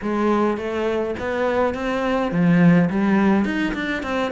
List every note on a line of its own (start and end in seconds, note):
0.02 0.57 G#3
0.57 1.14 A3
1.19 1.74 B3
1.74 2.31 C4
2.31 2.89 F3
2.90 3.45 G3
3.45 3.73 D#4
3.74 4.02 D4
4.03 4.31 C4